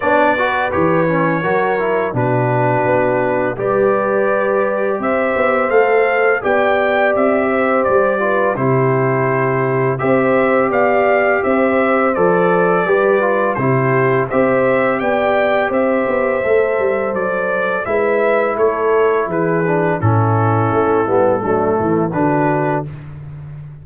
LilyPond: <<
  \new Staff \with { instrumentName = "trumpet" } { \time 4/4 \tempo 4 = 84 d''4 cis''2 b'4~ | b'4 d''2 e''4 | f''4 g''4 e''4 d''4 | c''2 e''4 f''4 |
e''4 d''2 c''4 | e''4 g''4 e''2 | d''4 e''4 cis''4 b'4 | a'2. b'4 | }
  \new Staff \with { instrumentName = "horn" } { \time 4/4 cis''8 b'4. ais'4 fis'4~ | fis'4 b'2 c''4~ | c''4 d''4. c''4 b'8 | g'2 c''4 d''4 |
c''2 b'4 g'4 | c''4 d''4 c''2~ | c''4 b'4 a'4 gis'4 | e'2 d'8 e'8 fis'4 | }
  \new Staff \with { instrumentName = "trombone" } { \time 4/4 d'8 fis'8 g'8 cis'8 fis'8 e'8 d'4~ | d'4 g'2. | a'4 g'2~ g'8 f'8 | e'2 g'2~ |
g'4 a'4 g'8 f'8 e'4 | g'2. a'4~ | a'4 e'2~ e'8 d'8 | cis'4. b8 a4 d'4 | }
  \new Staff \with { instrumentName = "tuba" } { \time 4/4 b4 e4 fis4 b,4 | b4 g2 c'8 b8 | a4 b4 c'4 g4 | c2 c'4 b4 |
c'4 f4 g4 c4 | c'4 b4 c'8 b8 a8 g8 | fis4 gis4 a4 e4 | a,4 a8 g8 fis8 e8 d4 | }
>>